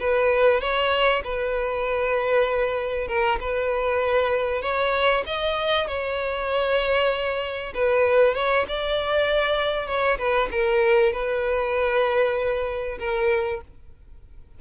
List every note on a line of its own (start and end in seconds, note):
0.00 0.60 B4
0.60 1.22 C#5
1.24 3.08 B4
3.08 3.39 A#4
3.40 4.62 B4
4.62 5.24 C#5
5.26 5.87 D#5
5.87 7.73 C#5
7.74 8.35 B4
8.35 8.66 C#5
8.68 9.87 D5
9.87 10.18 C#5
10.18 10.49 B4
10.52 11.13 A#4
11.13 12.98 B4
12.99 13.61 A#4